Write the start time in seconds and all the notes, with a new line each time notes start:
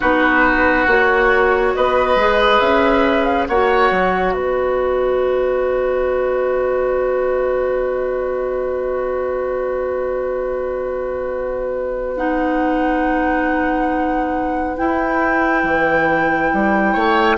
0.00 B3 D#4 F#4 B4
0.87 A#3 F#4 C#5
1.75 B3 B4 D#5
2.15 G#3 G#4
2.60 C#4 E5
3.23 F5
3.47 A#3 F#4 C#5 F#5
3.90 F#3
4.33 B3 B4 D#5
12.16 D#4 F#5
14.76 E4 G5
15.63 E3
16.53 G3
16.92 A3 C#5